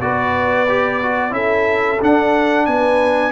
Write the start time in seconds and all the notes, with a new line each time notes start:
0.00 B3 F#4 B4 D5
0.68 G4
1.02 F#4
1.30 C#4 E4 A4 E5
2.01 D4 F#5
2.66 B3 B4 G#5